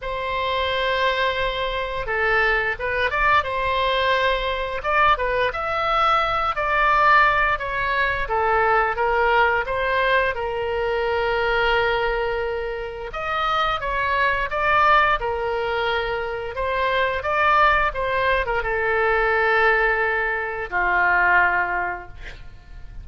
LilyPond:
\new Staff \with { instrumentName = "oboe" } { \time 4/4 \tempo 4 = 87 c''2. a'4 | b'8 d''8 c''2 d''8 b'8 | e''4. d''4. cis''4 | a'4 ais'4 c''4 ais'4~ |
ais'2. dis''4 | cis''4 d''4 ais'2 | c''4 d''4 c''8. ais'16 a'4~ | a'2 f'2 | }